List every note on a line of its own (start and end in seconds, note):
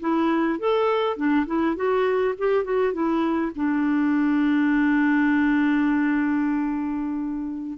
0.00 0.59 E4
0.59 1.16 A4
1.16 1.46 D4
1.46 1.75 E4
1.75 2.34 F#4
2.38 2.64 G4
2.64 2.93 F#4
2.93 3.52 E4
3.55 7.78 D4